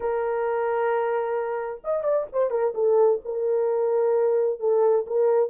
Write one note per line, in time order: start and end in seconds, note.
0.00 1.81 A#4
1.84 2.03 D#5
2.03 2.26 D5
2.32 2.50 C5
2.50 2.73 A#4
2.74 3.20 A4
3.24 4.59 A#4
4.59 5.05 A4
5.06 5.49 A#4